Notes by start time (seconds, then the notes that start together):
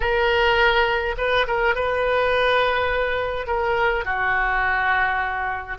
0.00 A#4
1.17 B4
1.47 A#4
1.75 B4
3.46 A#4
4.04 F#4